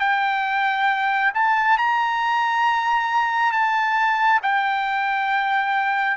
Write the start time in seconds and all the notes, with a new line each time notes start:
0.00 G5
1.34 A5
1.78 A#5
3.52 A5
4.43 G5